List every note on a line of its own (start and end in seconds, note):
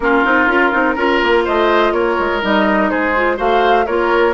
0.00 0.24 A#3
0.00 0.24 C#4
0.00 0.95 F4
0.00 1.43 A#4
0.24 0.47 C4
0.24 0.48 D#4
0.47 0.71 C#4
0.47 0.71 F4
0.71 0.96 C4
0.71 0.96 D#4
0.95 1.20 C#4
0.95 2.41 F4
0.95 1.43 A#4
1.22 1.47 A#3
1.44 1.92 A3
1.44 1.93 C5
1.44 1.92 D#5
1.92 2.17 A#3
1.92 2.90 A#4
1.92 2.41 C#5
2.19 2.43 G#3
2.42 2.91 G3
2.42 3.14 D#4
2.42 2.90 D#5
2.90 3.38 G#3
2.90 3.36 G#4
2.90 3.38 C5
3.15 3.37 F4
3.36 3.87 A3
3.36 3.85 F#4
3.36 3.85 C5
3.36 3.86 F5
3.85 4.33 A#3
3.85 4.33 F4
3.85 4.33 A#4
3.85 4.33 C#5